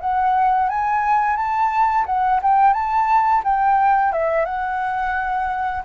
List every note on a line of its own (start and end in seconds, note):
0.00 0.69 F#5
0.69 1.36 G#5
1.36 2.05 A5
2.06 2.40 F#5
2.42 2.73 G5
2.73 3.42 A5
3.44 4.12 G5
4.12 4.45 E5
4.45 5.83 F#5